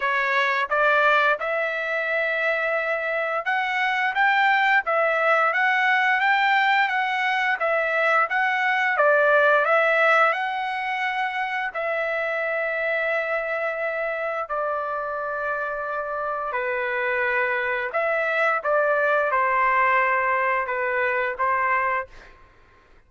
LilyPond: \new Staff \with { instrumentName = "trumpet" } { \time 4/4 \tempo 4 = 87 cis''4 d''4 e''2~ | e''4 fis''4 g''4 e''4 | fis''4 g''4 fis''4 e''4 | fis''4 d''4 e''4 fis''4~ |
fis''4 e''2.~ | e''4 d''2. | b'2 e''4 d''4 | c''2 b'4 c''4 | }